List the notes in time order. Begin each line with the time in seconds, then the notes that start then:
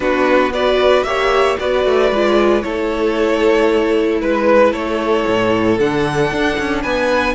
0.00 B3 D4 F#4 B4
0.53 F#4 B4 D5
1.03 A#3 G4 C#5 E5
1.59 B3 F#4 B4 D5
1.85 A3
2.11 G#3 F4
2.61 A3 E4 A4 C#5
4.21 G#3 B4
4.71 A3 A4 C#5
5.27 A2
5.79 D3 D4 F#5
6.31 D4
6.58 C#4
6.81 B3 B4 G#5